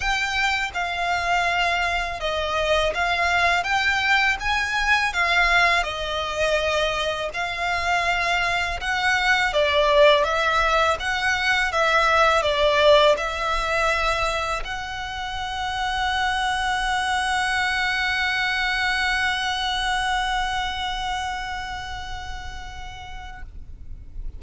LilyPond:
\new Staff \with { instrumentName = "violin" } { \time 4/4 \tempo 4 = 82 g''4 f''2 dis''4 | f''4 g''4 gis''4 f''4 | dis''2 f''2 | fis''4 d''4 e''4 fis''4 |
e''4 d''4 e''2 | fis''1~ | fis''1~ | fis''1 | }